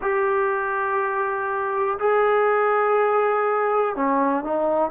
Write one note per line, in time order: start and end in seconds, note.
0.01 1.98 G4
1.99 3.95 G#4
3.95 4.44 C#4
4.44 4.90 D#4